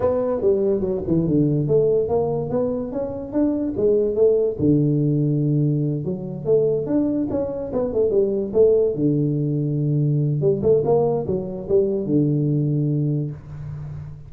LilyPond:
\new Staff \with { instrumentName = "tuba" } { \time 4/4 \tempo 4 = 144 b4 g4 fis8 e8 d4 | a4 ais4 b4 cis'4 | d'4 gis4 a4 d4~ | d2~ d8 fis4 a8~ |
a8 d'4 cis'4 b8 a8 g8~ | g8 a4 d2~ d8~ | d4 g8 a8 ais4 fis4 | g4 d2. | }